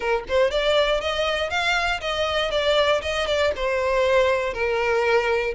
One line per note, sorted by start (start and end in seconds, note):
0.00 0.23 A#4
0.28 0.50 C5
0.50 1.00 D5
1.00 1.50 D#5
1.50 2.00 F5
2.01 2.50 D#5
2.50 3.01 D5
3.01 3.26 D#5
3.26 3.52 D5
3.55 4.53 C5
4.53 5.54 A#4